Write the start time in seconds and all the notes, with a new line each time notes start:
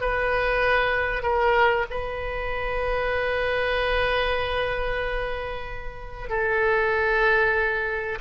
0.00 B4
1.22 A#4
1.90 B4
6.29 A4